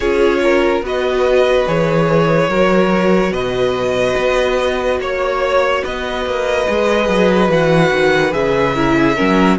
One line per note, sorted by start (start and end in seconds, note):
0.00 0.81 C#4
0.00 0.83 F4
0.00 0.39 G#4
0.00 0.81 C#5
0.43 0.85 A#4
0.81 1.65 B3
0.81 1.66 F#4
0.81 2.49 B4
0.81 1.67 D#5
1.66 2.48 E3
1.66 2.50 G#4
1.66 3.33 C#5
2.48 3.31 F#3
2.48 6.67 F#4
2.48 3.31 A#4
3.31 4.14 B2
3.31 4.98 B4
3.31 4.99 D#5
4.16 4.99 B3
4.99 5.82 A#3
4.99 5.83 C#5
4.99 5.84 C#5
5.83 6.25 B3
5.83 8.75 B4
5.83 7.51 D#5
6.25 6.67 A#3
6.67 7.08 G#3
6.67 7.49 G#4
7.08 7.49 F#3
7.49 7.91 E3
7.49 8.31 F#4
7.49 8.33 F#5
7.91 8.33 D#3
8.31 9.17 C#3
8.31 8.73 G#4
8.31 9.58 E5
8.75 9.15 E4
8.75 8.95 A#4
8.95 9.15 G#4
9.15 9.58 F#3
9.15 9.57 C#4
9.15 9.57 A#4